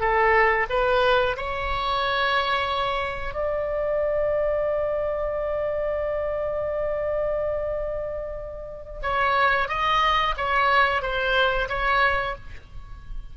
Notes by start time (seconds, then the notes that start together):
0.00 A4
0.70 B4
1.37 C#5
3.34 D5
9.02 C#5
9.68 D#5
10.37 C#5
11.02 C5
11.69 C#5